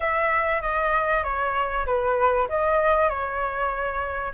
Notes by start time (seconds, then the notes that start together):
0.00 E5
0.61 D#5
1.23 C#5
1.86 B4
2.48 D#5
3.09 C#5